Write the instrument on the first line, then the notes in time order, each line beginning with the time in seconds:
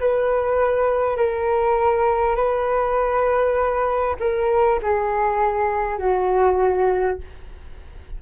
flute
0.00 B4
1.17 A#4
2.36 B4
4.19 A#4
4.82 G#4
5.98 F#4